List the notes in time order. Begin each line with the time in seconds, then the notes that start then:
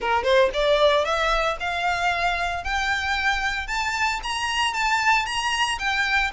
0.00 A#4
0.23 C5
0.53 D5
1.04 E5
1.60 F5
2.64 G5
3.67 A5
4.23 A#5
4.73 A5
5.25 A#5
5.78 G5